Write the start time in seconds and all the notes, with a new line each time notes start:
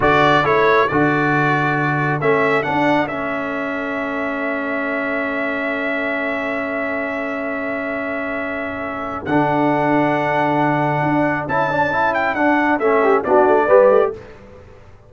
0.00 D3 F#4 A4 D5
0.43 A3 E4 C#5
0.87 D3 F#4 D5
2.19 A3 C#4 E5
2.62 D4 F#5
3.07 A3 C#4 E5
9.25 D3 D4 F#5
11.02 D4
11.47 C#4 E4 A5
11.70 D4
11.92 E4
12.14 G5
12.34 D4 F#5
12.79 A3 C#4 E5
13.01 G4
13.24 B3 D4 F#4 D5
13.47 A3
13.67 G3 G4 B4
13.89 A3